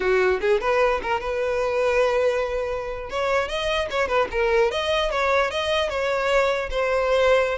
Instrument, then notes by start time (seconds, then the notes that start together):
violin
0.00 F#4
0.41 G#4
0.61 B4
1.02 A#4
1.20 B4
3.10 C#5
3.48 D#5
3.90 C#5
4.08 B4
4.31 A#4
4.71 D#5
5.10 C#5
5.51 D#5
5.89 C#5
6.70 C5